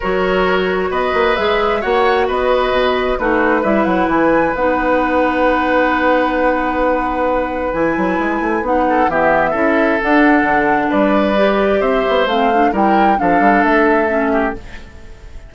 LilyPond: <<
  \new Staff \with { instrumentName = "flute" } { \time 4/4 \tempo 4 = 132 cis''2 dis''4 e''4 | fis''4 dis''2 b'4 | e''8 fis''8 gis''4 fis''2~ | fis''1~ |
fis''4 gis''2 fis''4 | e''2 fis''2 | d''2 e''4 f''4 | g''4 f''4 e''2 | }
  \new Staff \with { instrumentName = "oboe" } { \time 4/4 ais'2 b'2 | cis''4 b'2 fis'4 | b'1~ | b'1~ |
b'2.~ b'8 a'8 | g'4 a'2. | b'2 c''2 | ais'4 a'2~ a'8 g'8 | }
  \new Staff \with { instrumentName = "clarinet" } { \time 4/4 fis'2. gis'4 | fis'2. dis'4 | e'2 dis'2~ | dis'1~ |
dis'4 e'2 dis'4 | b4 e'4 d'2~ | d'4 g'2 c'8 d'8 | e'4 d'2 cis'4 | }
  \new Staff \with { instrumentName = "bassoon" } { \time 4/4 fis2 b8 ais8 gis4 | ais4 b4 b,4 a4 | g8 fis8 e4 b2~ | b1~ |
b4 e8 fis8 gis8 a8 b4 | e4 cis'4 d'4 d4 | g2 c'8 b8 a4 | g4 f8 g8 a2 | }
>>